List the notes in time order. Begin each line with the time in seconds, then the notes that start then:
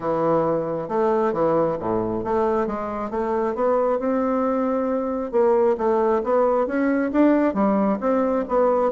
0.00 E3
0.88 A3
1.32 E3
1.79 A2
2.24 A3
2.66 G#3
3.10 A3
3.54 B3
3.99 C4
5.31 A#3
5.77 A3
6.23 B3
6.66 C#4
7.12 D4
7.54 G3
8.00 C4
8.48 B3